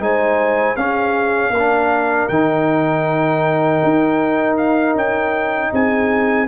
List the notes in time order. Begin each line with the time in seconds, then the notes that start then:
0.00 G#3 D#4 C5 G#5
0.77 C#4 G#4 F5
1.50 A#3 A#4
1.59 D4
2.28 D#3 D#4 G5
3.84 D#4
4.57 F5
4.95 C#4 G5
5.72 C4 G#4 G#5